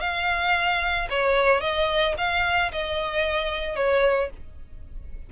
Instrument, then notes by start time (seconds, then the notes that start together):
violin
0.00 F5
1.10 C#5
1.61 D#5
2.17 F5
2.72 D#5
3.76 C#5